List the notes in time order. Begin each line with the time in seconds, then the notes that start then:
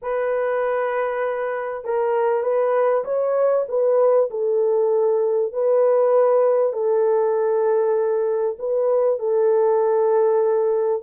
0.02 B4
1.84 A#4
2.42 B4
3.04 C#5
3.68 B4
4.30 A4
5.52 B4
6.73 A4
8.58 B4
9.19 A4